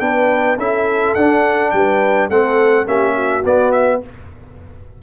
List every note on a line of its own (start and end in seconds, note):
0.00 0.58 B3
0.00 0.57 D4
0.00 0.59 B4
0.00 0.57 G5
0.58 1.15 C#4
0.58 1.17 E4
0.58 1.73 A4
0.58 1.15 E5
1.15 1.72 D4
1.15 2.31 D4
1.15 1.71 F#5
1.71 2.30 G3
1.71 2.29 B4
1.71 2.28 G5
2.29 2.87 A3
2.29 2.86 C4
2.29 2.87 A4
2.29 2.87 F#5
2.86 3.44 A#3
2.86 3.43 C#4
2.86 3.14 G4
2.86 3.45 E5
3.14 4.00 F#4
3.45 4.02 B3
3.45 3.72 D5
3.72 4.00 E5